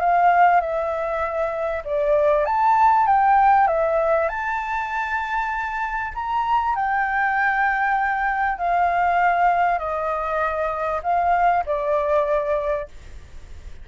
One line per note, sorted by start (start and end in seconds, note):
0.00 0.60 F5
0.60 1.83 E5
1.85 2.45 D5
2.45 3.06 A5
3.06 3.67 G5
3.67 4.28 E5
4.29 6.12 A5
6.14 6.75 A#5
6.75 8.58 G5
8.58 9.78 F5
9.78 11.01 D#5
11.03 11.64 F5
11.65 12.88 D5